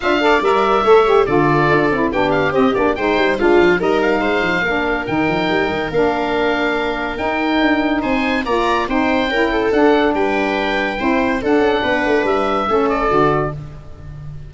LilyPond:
<<
  \new Staff \with { instrumentName = "oboe" } { \time 4/4 \tempo 4 = 142 f''4 e''2 d''4~ | d''4 g''8 f''8 dis''8 d''8 g''4 | f''4 dis''8 f''2~ f''8 | g''2 f''2~ |
f''4 g''2 gis''4 | ais''4 g''2 fis''4 | g''2. fis''4~ | fis''4 e''4. d''4. | }
  \new Staff \with { instrumentName = "viola" } { \time 4/4 e''8 d''4. cis''4 a'4~ | a'4 g'2 c''4 | f'4 ais'4 c''4 ais'4~ | ais'1~ |
ais'2. c''4 | d''4 c''4 ais'8 a'4. | b'2 c''4 a'4 | b'2 a'2 | }
  \new Staff \with { instrumentName = "saxophone" } { \time 4/4 f'8 a'8 ais'4 a'8 g'8 f'4~ | f'8 e'8 d'4 c'8 d'8 dis'4 | d'4 dis'2 d'4 | dis'2 d'2~ |
d'4 dis'2. | f'4 dis'4 e'4 d'4~ | d'2 e'4 d'4~ | d'2 cis'4 fis'4 | }
  \new Staff \with { instrumentName = "tuba" } { \time 4/4 d'4 g4 a4 d4 | d'8 c'8 b4 c'8 ais8 gis8 g8 | gis8 f8 g4 gis8 f8 ais4 | dis8 f8 g8 dis8 ais2~ |
ais4 dis'4 d'4 c'4 | ais4 c'4 cis'4 d'4 | g2 c'4 d'8 cis'8 | b8 a8 g4 a4 d4 | }
>>